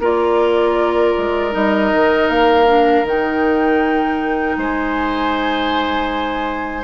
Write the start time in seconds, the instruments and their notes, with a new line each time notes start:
0.00 bassoon A#3, clarinet F4, oboe A#4, flute D5
1.18 bassoon G#3
1.52 bassoon G3, clarinet D#4, flute D#5
1.93 bassoon D#3
2.29 bassoon A#3, flute F5
2.67 clarinet D4
3.04 bassoon D#3, clarinet D#4, flute G5
4.58 bassoon G#3, oboe C5, flute G#5